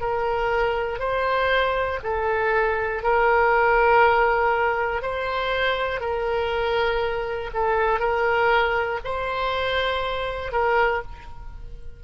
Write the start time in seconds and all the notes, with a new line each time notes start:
0.00 A#4
0.99 C5
2.03 A4
3.03 A#4
5.02 C5
6.00 A#4
7.54 A4
8.00 A#4
9.04 C5
10.52 A#4